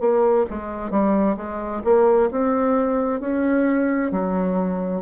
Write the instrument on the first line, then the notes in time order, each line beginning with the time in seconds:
bassoon
0.00 A#3
0.50 G#3
0.90 G3
1.36 G#3
1.84 A#3
2.31 C4
3.20 C#4
4.11 F#3